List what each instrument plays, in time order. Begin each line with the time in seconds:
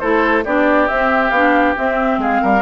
0.00 bassoon A3, clarinet E4, oboe A4, flute C5
0.45 bassoon B3, clarinet D4, oboe G4, flute D5
0.88 bassoon C4, clarinet C4, flute E5
1.31 bassoon B3, clarinet D4, flute F5
1.76 clarinet C4, bassoon C4, flute E5
2.18 bassoon G#3, oboe G#4, flute F5
2.42 bassoon G3, oboe A#4